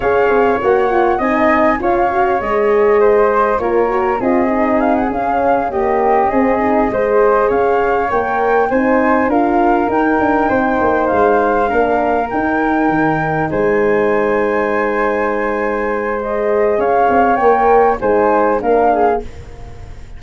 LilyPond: <<
  \new Staff \with { instrumentName = "flute" } { \time 4/4 \tempo 4 = 100 f''4 fis''4 gis''4 f''4 | dis''2 cis''4 dis''4 | f''16 fis''16 f''4 dis''2~ dis''8~ | dis''8 f''4 g''4 gis''4 f''8~ |
f''8 g''2 f''4.~ | f''8 g''2 gis''4.~ | gis''2. dis''4 | f''4 g''4 gis''4 f''4 | }
  \new Staff \with { instrumentName = "flute" } { \time 4/4 cis''2 dis''4 cis''4~ | cis''4 c''4 ais'4 gis'4~ | gis'4. g'4 gis'4 c''8~ | c''8 cis''2 c''4 ais'8~ |
ais'4. c''2 ais'8~ | ais'2~ ais'8 c''4.~ | c''1 | cis''2 c''4 ais'8 gis'8 | }
  \new Staff \with { instrumentName = "horn" } { \time 4/4 gis'4 fis'8 f'8 dis'4 f'8 fis'8 | gis'2 f'8 fis'8 f'8 dis'8~ | dis'8 cis'4 ais4 c'8 dis'8 gis'8~ | gis'4. ais'4 dis'4 f'8~ |
f'8 dis'2. d'8~ | d'8 dis'2.~ dis'8~ | dis'2. gis'4~ | gis'4 ais'4 dis'4 d'4 | }
  \new Staff \with { instrumentName = "tuba" } { \time 4/4 cis'8 c'8 ais4 c'4 cis'4 | gis2 ais4 c'4~ | c'8 cis'2 c'4 gis8~ | gis8 cis'4 ais4 c'4 d'8~ |
d'8 dis'8 d'8 c'8 ais8 gis4 ais8~ | ais8 dis'4 dis4 gis4.~ | gis1 | cis'8 c'8 ais4 gis4 ais4 | }
>>